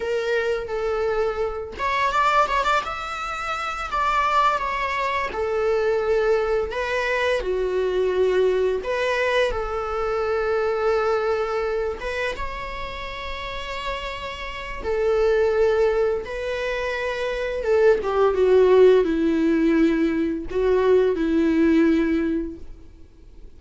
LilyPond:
\new Staff \with { instrumentName = "viola" } { \time 4/4 \tempo 4 = 85 ais'4 a'4. cis''8 d''8 cis''16 d''16 | e''4. d''4 cis''4 a'8~ | a'4. b'4 fis'4.~ | fis'8 b'4 a'2~ a'8~ |
a'4 b'8 cis''2~ cis''8~ | cis''4 a'2 b'4~ | b'4 a'8 g'8 fis'4 e'4~ | e'4 fis'4 e'2 | }